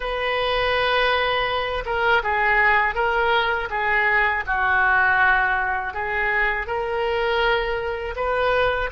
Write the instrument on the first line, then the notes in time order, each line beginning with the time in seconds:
oboe
0.00 B4
1.85 A#4
2.23 G#4
2.95 A#4
3.69 G#4
4.46 F#4
5.93 G#4
6.66 A#4
8.15 B4